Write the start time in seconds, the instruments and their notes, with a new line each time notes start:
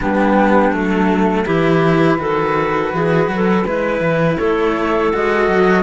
0.00 cello G3 B3, clarinet D4, flute G4
0.71 cello F#3 A3, flute A4
1.45 cello E3 E4, clarinet G4, flute B4
2.18 cello D#3 F#4, clarinet A4
2.92 cello E3, clarinet G#4
3.28 cello F#3
3.34 clarinet A4
3.64 cello G#3 E4, clarinet B4
4.00 cello E3
4.37 cello A3, clarinet A4, flute C#5
5.13 cello G#3 F#4, flute D#5
5.48 cello F#3